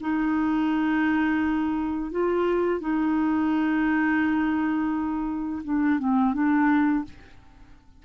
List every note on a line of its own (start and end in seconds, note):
0.00 2.11 D#4
2.11 2.80 F4
2.80 5.62 D#4
5.64 5.99 D4
5.99 6.33 C4
6.33 7.04 D4